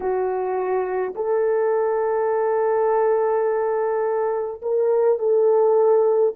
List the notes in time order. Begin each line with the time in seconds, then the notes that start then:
0.00 F#4
1.15 A4
4.62 A#4
5.18 A4